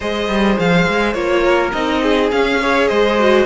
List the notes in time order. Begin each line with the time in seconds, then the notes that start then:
0.00 G#3 G#4 C5 D#5
0.28 G3
0.58 F3 F5
0.87 G#3
1.13 A#3 F4 C#5
1.43 A#4
1.72 C4 D#4 D#5
2.03 G#4
2.31 C#4 F5
2.60 G#4 C#5
2.87 G#3 C5 D#5
3.18 F#4